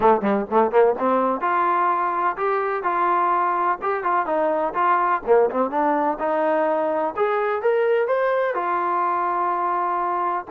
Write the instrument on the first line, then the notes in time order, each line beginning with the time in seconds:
trombone
0.00 A3
0.21 G3
0.50 A3
0.71 A#3
0.98 C4
1.40 F4
2.36 G4
2.83 F4
3.81 G4
4.03 F4
4.26 D#4
4.74 F4
5.26 A#3
5.50 C4
5.70 D4
6.19 D#4
7.16 G#4
7.62 A#4
8.07 C5
8.54 F4